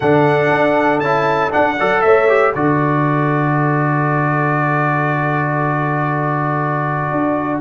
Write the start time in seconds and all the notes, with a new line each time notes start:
0.00 D3 D4 A4 F#5
0.50 D4
0.99 C#4 E4 A5
1.50 D4 F#5
1.56 D4
1.78 F#3 A4 D5
2.01 A3 C#5 E5
2.28 G4
2.54 D3 F#4 A4 D5
7.11 D4